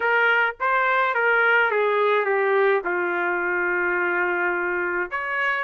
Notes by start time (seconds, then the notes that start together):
0.00 A#4
0.60 C5
1.14 A#4
1.70 G#4
2.25 G4
2.84 F4
5.10 C#5